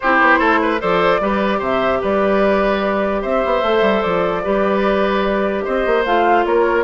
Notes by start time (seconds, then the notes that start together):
0.00 C4 E4 G4 C5
0.21 B3
0.39 A3 A4
0.61 B4
0.79 F3 A4 C5 D5
1.20 G3 G4 B4
1.58 C3 C5 E5
2.01 G3 B4 D5
3.21 C4 C5 E5
3.44 B3
3.62 A3 A4
3.81 G3
4.01 F3 D5
4.43 G3 G4 B4
5.64 C4 C5 D#5
5.86 A#3
6.05 A3 F4 F5
6.45 A#3 A#4 C#5